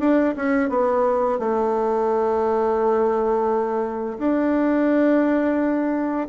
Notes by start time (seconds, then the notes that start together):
0.00 D4
0.36 C#4
0.70 B3
1.40 A3
4.19 D4